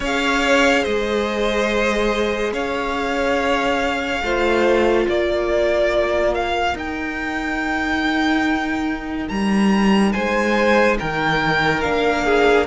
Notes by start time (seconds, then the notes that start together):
0.00 C#4 G#4 C#5 F5
0.82 G#3 C5 D#5
2.52 C#4 C#5 F5
4.22 A3 F4 C5
5.06 A#3 A#4 D5
6.34 F5
6.74 D#4 G5
9.28 G3 A#5
10.12 G#3 C5 G#5
10.99 D#3 A#4 G5
11.81 A#3 D4 F5
12.24 G#4